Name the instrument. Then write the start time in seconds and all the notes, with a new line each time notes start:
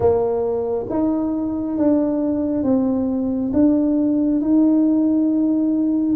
tuba
0.00 A#3
0.89 D#4
1.77 D4
2.63 C4
3.53 D4
4.41 D#4